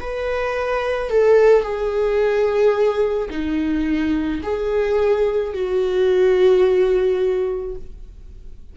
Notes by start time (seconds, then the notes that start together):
0.00 B4
1.10 A4
1.62 G#4
3.30 D#4
4.42 G#4
5.54 F#4